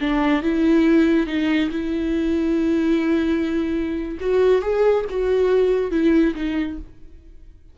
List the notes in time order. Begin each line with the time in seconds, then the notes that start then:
0.00 D4
0.42 E4
1.27 D#4
1.70 E4
4.20 F#4
4.62 G#4
5.10 F#4
5.91 E4
6.35 D#4